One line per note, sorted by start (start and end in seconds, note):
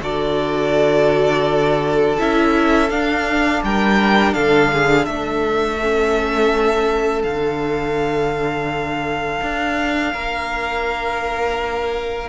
0.00 2.18 D3
0.00 2.17 F#4
0.00 3.64 A4
0.00 2.19 D5
2.18 2.90 C#4
2.18 2.90 E4
2.18 2.90 E5
2.90 3.62 D4
2.90 5.80 D4
2.90 3.62 F5
3.63 4.35 G3
3.63 4.35 A#4
3.63 4.33 G5
4.33 5.07 D3
4.33 4.71 A4
4.33 5.05 F5
4.72 5.08 G#4
5.05 7.24 A3
5.05 10.13 A4
5.05 7.22 E5
5.81 7.25 C#4
7.23 9.41 D3
7.23 12.28 D4
7.23 12.28 F5
9.41 10.14 D4
10.13 12.28 A#3
10.13 12.28 A#4